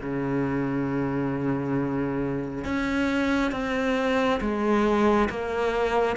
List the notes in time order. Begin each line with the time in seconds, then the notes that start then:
0.00 C#3
2.65 C#4
3.52 C4
4.41 G#3
5.30 A#3